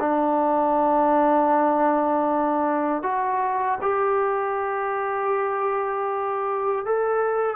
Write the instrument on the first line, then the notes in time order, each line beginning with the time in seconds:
trombone
0.00 D4
3.03 F#4
3.81 G4
6.86 A4